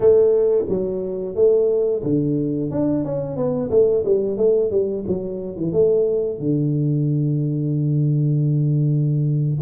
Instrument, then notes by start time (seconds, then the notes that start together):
tuba
0.00 A3
0.68 F#3
1.35 A3
2.03 D3
2.70 D4
3.04 C#4
3.36 B3
3.70 A3
4.05 G3
4.37 A3
4.70 G3
5.07 F#3
5.56 E3
5.72 A3
6.39 D3